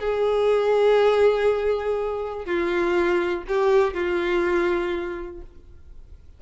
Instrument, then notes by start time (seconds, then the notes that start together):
violin
0.00 G#4
2.45 F4
3.48 G4
3.94 F4